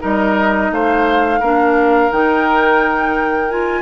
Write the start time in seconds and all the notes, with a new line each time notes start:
0.00 G3 D#4 A#4 D#5
0.71 A3 C5 F5
1.40 A#3 D4 A#4
2.11 D#3 D#4 G5
3.50 F4 G#5